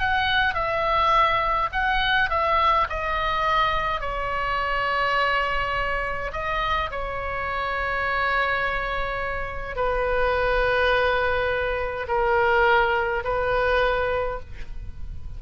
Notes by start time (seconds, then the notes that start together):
0.00 F#5
0.55 E5
1.73 F#5
2.30 E5
2.90 D#5
4.01 C#5
6.33 D#5
6.91 C#5
9.76 B4
12.08 A#4
13.25 B4